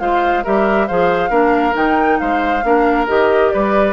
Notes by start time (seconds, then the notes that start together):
0.00 G#3 F4 C5 F5
0.44 G3 G4 A#4 E5
0.87 F3 G#4 C5 F5
1.30 A#3 D4 A#4
1.73 D#3 D#4 G5
2.19 G#3 C5 F5
2.64 A#3 D4 A#4
3.08 D#3 G4 D#5
3.51 G3 B4 D5